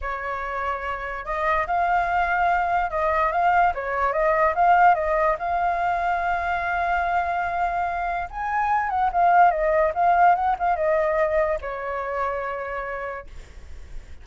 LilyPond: \new Staff \with { instrumentName = "flute" } { \time 4/4 \tempo 4 = 145 cis''2. dis''4 | f''2. dis''4 | f''4 cis''4 dis''4 f''4 | dis''4 f''2.~ |
f''1 | gis''4. fis''8 f''4 dis''4 | f''4 fis''8 f''8 dis''2 | cis''1 | }